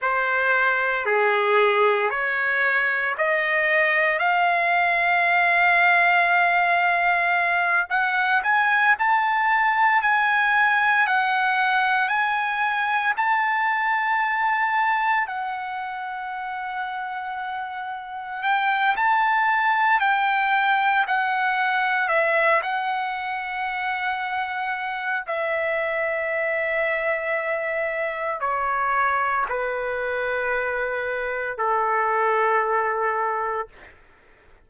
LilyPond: \new Staff \with { instrumentName = "trumpet" } { \time 4/4 \tempo 4 = 57 c''4 gis'4 cis''4 dis''4 | f''2.~ f''8 fis''8 | gis''8 a''4 gis''4 fis''4 gis''8~ | gis''8 a''2 fis''4.~ |
fis''4. g''8 a''4 g''4 | fis''4 e''8 fis''2~ fis''8 | e''2. cis''4 | b'2 a'2 | }